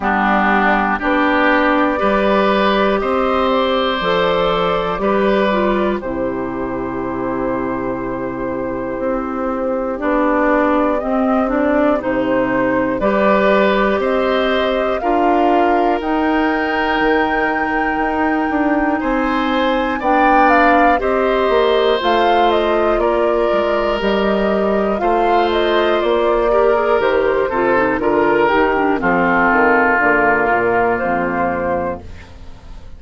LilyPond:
<<
  \new Staff \with { instrumentName = "flute" } { \time 4/4 \tempo 4 = 60 g'4 d''2 dis''8 d''8~ | d''2 c''2~ | c''2 d''4 dis''8 d''8 | c''4 d''4 dis''4 f''4 |
g''2. gis''4 | g''8 f''8 dis''4 f''8 dis''8 d''4 | dis''4 f''8 dis''8 d''4 c''4 | ais'8 g'8 a'4 ais'4 c''4 | }
  \new Staff \with { instrumentName = "oboe" } { \time 4/4 d'4 g'4 b'4 c''4~ | c''4 b'4 g'2~ | g'1~ | g'4 b'4 c''4 ais'4~ |
ais'2. c''4 | d''4 c''2 ais'4~ | ais'4 c''4. ais'4 a'8 | ais'4 f'2. | }
  \new Staff \with { instrumentName = "clarinet" } { \time 4/4 b4 d'4 g'2 | a'4 g'8 f'8 e'2~ | e'2 d'4 c'8 d'8 | dis'4 g'2 f'4 |
dis'1 | d'4 g'4 f'2 | g'4 f'4. g'16 gis'16 g'8 f'16 dis'16 | f'8 dis'16 d'16 c'4 ais2 | }
  \new Staff \with { instrumentName = "bassoon" } { \time 4/4 g4 b4 g4 c'4 | f4 g4 c2~ | c4 c'4 b4 c'4 | c4 g4 c'4 d'4 |
dis'4 dis4 dis'8 d'8 c'4 | b4 c'8 ais8 a4 ais8 gis8 | g4 a4 ais4 dis8 c8 | d8 dis8 f8 dis8 d8 ais,8 f,4 | }
>>